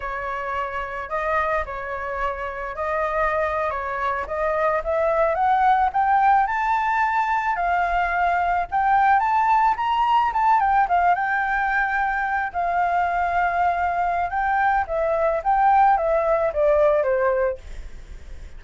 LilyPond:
\new Staff \with { instrumentName = "flute" } { \time 4/4 \tempo 4 = 109 cis''2 dis''4 cis''4~ | cis''4 dis''4.~ dis''16 cis''4 dis''16~ | dis''8. e''4 fis''4 g''4 a''16~ | a''4.~ a''16 f''2 g''16~ |
g''8. a''4 ais''4 a''8 g''8 f''16~ | f''16 g''2~ g''8 f''4~ f''16~ | f''2 g''4 e''4 | g''4 e''4 d''4 c''4 | }